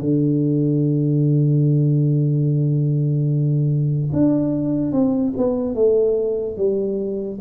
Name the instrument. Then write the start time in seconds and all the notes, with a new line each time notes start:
tuba
0.00 D3
4.12 D4
4.92 C4
5.37 B3
5.75 A3
6.56 G3